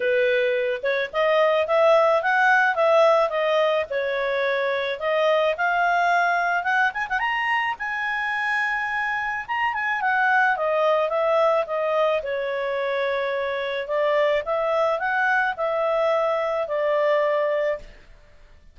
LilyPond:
\new Staff \with { instrumentName = "clarinet" } { \time 4/4 \tempo 4 = 108 b'4. cis''8 dis''4 e''4 | fis''4 e''4 dis''4 cis''4~ | cis''4 dis''4 f''2 | fis''8 gis''16 fis''16 ais''4 gis''2~ |
gis''4 ais''8 gis''8 fis''4 dis''4 | e''4 dis''4 cis''2~ | cis''4 d''4 e''4 fis''4 | e''2 d''2 | }